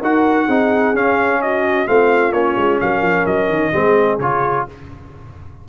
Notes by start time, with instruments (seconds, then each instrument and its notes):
0.00 tuba D#4, trombone F#4, horn A#4, trumpet F#5
0.45 tuba C4, trombone D#4, horn G#4
0.94 tuba C#4, trombone C#4, trumpet F5
1.41 horn F#4, trumpet D#5
1.86 tuba A3, trombone C4, horn F4, trumpet F5
2.32 tuba A#3, trombone C#4, trumpet C#5
2.56 tuba G#3
2.80 tuba F#3, horn A#4, trumpet F5
3.01 tuba F3
3.26 tuba F#3, trumpet D#5
3.49 tuba D#3
3.72 tuba G#3, trombone C4, horn G#4
4.19 tuba C#3, trombone F4, trumpet C#5